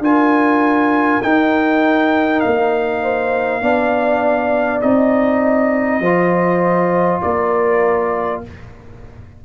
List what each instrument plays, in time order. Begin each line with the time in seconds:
0.00 tuba D4, trombone F4, horn A#4, trumpet G#5
1.23 trombone D#4, tuba D#4, trumpet G5
2.41 tuba A#3, trumpet F5
3.02 horn C5
3.62 tuba B3, trombone D4, horn D5
4.82 tuba C4, trombone D#4, trumpet D#5
6.00 tuba F3, trombone F4, horn C5
7.22 tuba A#3, horn A#4, trumpet D5